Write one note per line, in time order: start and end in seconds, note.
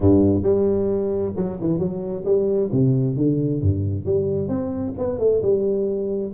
0.00 0.43 G2
0.43 1.33 G3
1.36 1.59 F#3
1.60 1.78 E3
1.78 2.23 F#3
2.24 2.69 G3
2.71 3.16 C3
3.16 3.61 D3
3.61 4.05 G2
4.05 4.48 G3
4.48 4.93 C4
4.97 5.19 B3
5.19 5.41 A3
5.42 6.32 G3